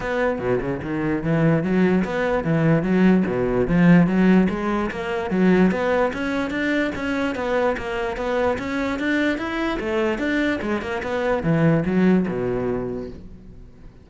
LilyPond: \new Staff \with { instrumentName = "cello" } { \time 4/4 \tempo 4 = 147 b4 b,8 cis8 dis4 e4 | fis4 b4 e4 fis4 | b,4 f4 fis4 gis4 | ais4 fis4 b4 cis'4 |
d'4 cis'4 b4 ais4 | b4 cis'4 d'4 e'4 | a4 d'4 gis8 ais8 b4 | e4 fis4 b,2 | }